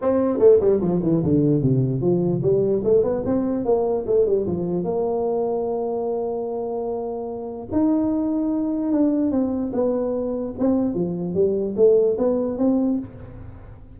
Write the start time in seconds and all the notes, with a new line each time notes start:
0.01 C4
0.39 A3
0.60 G3
0.81 F3
1.02 E3
1.23 D3
1.62 C3
2.01 F3
2.42 G3
2.83 A3
3.03 B3
3.25 C4
3.64 A#3
4.06 A3
4.26 G3
4.46 F3
4.84 A#3
7.72 D#4
8.92 D4
9.31 C4
9.72 B3
10.58 C4
10.94 F3
11.34 G3
11.76 A3
12.18 B3
12.58 C4